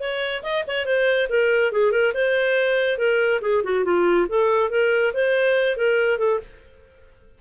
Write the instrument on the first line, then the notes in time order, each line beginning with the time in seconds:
clarinet
0.00 C#5
0.43 D#5
0.67 C#5
0.86 C5
1.30 A#4
1.72 G#4
1.92 A#4
2.14 C5
2.98 A#4
3.41 G#4
3.64 F#4
3.85 F4
4.29 A4
4.70 A#4
5.14 C5
5.77 A#4
6.19 A4